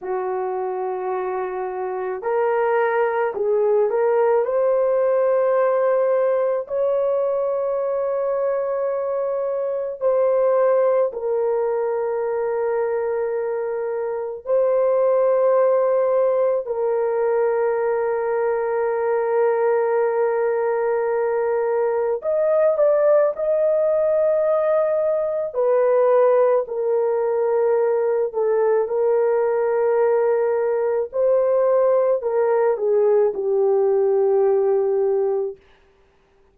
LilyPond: \new Staff \with { instrumentName = "horn" } { \time 4/4 \tempo 4 = 54 fis'2 ais'4 gis'8 ais'8 | c''2 cis''2~ | cis''4 c''4 ais'2~ | ais'4 c''2 ais'4~ |
ais'1 | dis''8 d''8 dis''2 b'4 | ais'4. a'8 ais'2 | c''4 ais'8 gis'8 g'2 | }